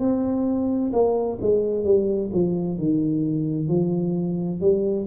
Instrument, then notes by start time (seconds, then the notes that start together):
tuba
0.00 C4
0.93 A#3
1.41 G#3
1.85 G3
2.33 F3
2.78 D#3
3.68 F3
4.61 G3